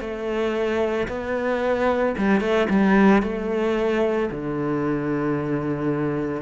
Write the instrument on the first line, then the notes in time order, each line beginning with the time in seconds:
cello
0.00 A3
1.08 B3
2.17 G3
2.40 A3
2.69 G3
3.22 A3
4.31 D3